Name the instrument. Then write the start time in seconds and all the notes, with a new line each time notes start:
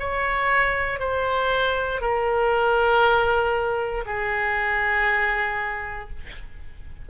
oboe
0.00 C#5
1.00 C5
2.01 A#4
4.06 G#4